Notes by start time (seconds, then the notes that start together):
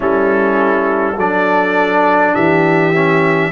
0.00 G3 C#4 E4 A4
1.14 F#3 D4 A4 D5
2.34 E3 G4 E5
2.94 C#4